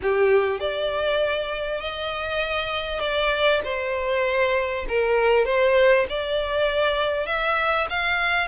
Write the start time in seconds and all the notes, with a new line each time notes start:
0.02 G4
0.60 D5
1.80 D#5
3.00 D5
3.64 C5
4.88 A#4
5.45 C5
6.09 D5
7.26 E5
7.89 F5